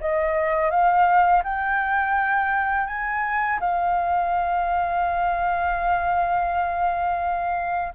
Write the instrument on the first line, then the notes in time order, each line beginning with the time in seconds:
flute
0.00 D#5
0.70 F5
1.43 G5
2.87 G#5
3.59 F5